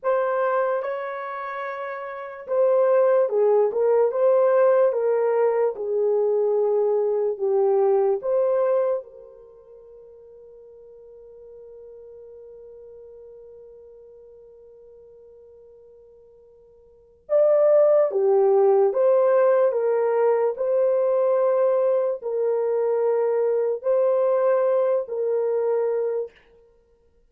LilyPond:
\new Staff \with { instrumentName = "horn" } { \time 4/4 \tempo 4 = 73 c''4 cis''2 c''4 | gis'8 ais'8 c''4 ais'4 gis'4~ | gis'4 g'4 c''4 ais'4~ | ais'1~ |
ais'1~ | ais'4 d''4 g'4 c''4 | ais'4 c''2 ais'4~ | ais'4 c''4. ais'4. | }